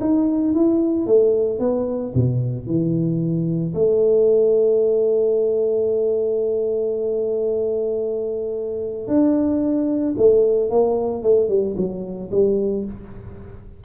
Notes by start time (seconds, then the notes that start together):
0.00 D#4
0.54 E4
1.06 A3
1.59 B3
2.14 B2
2.66 E3
3.74 A3
9.07 D4
10.17 A3
10.69 A#3
11.22 A3
11.48 G3
11.76 F#3
12.31 G3